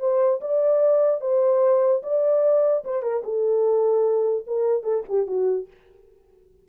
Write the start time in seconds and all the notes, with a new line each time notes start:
0.00 C5
0.41 D5
1.21 C5
2.03 D5
2.85 C5
3.03 A#4
3.24 A4
4.47 A#4
4.84 A4
5.09 G4
5.27 F#4